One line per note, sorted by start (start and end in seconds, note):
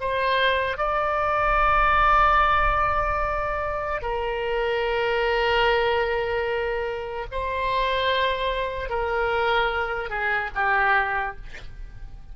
0.00 0.77 C5
0.77 4.02 D5
4.02 7.26 A#4
7.31 8.90 C5
8.90 10.10 A#4
10.10 10.50 G#4
10.55 11.36 G4